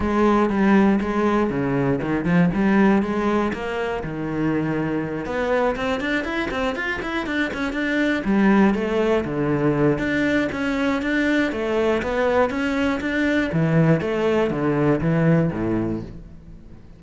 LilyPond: \new Staff \with { instrumentName = "cello" } { \time 4/4 \tempo 4 = 120 gis4 g4 gis4 cis4 | dis8 f8 g4 gis4 ais4 | dis2~ dis8 b4 c'8 | d'8 e'8 c'8 f'8 e'8 d'8 cis'8 d'8~ |
d'8 g4 a4 d4. | d'4 cis'4 d'4 a4 | b4 cis'4 d'4 e4 | a4 d4 e4 a,4 | }